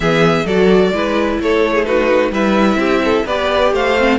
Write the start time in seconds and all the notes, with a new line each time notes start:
0.00 E3 B3 G#4 E5
0.45 F#3 F#4 A4 D5
0.92 G#3 E4 B4
1.39 A3 A4 C#5
1.74 G#4
1.84 D#4 F#4 B4
2.30 G3 E4 B4 E5
2.75 C4 G4
3.04 A4
3.25 B3 G4 B4 D5
3.72 A3 C5 F5
3.98 C4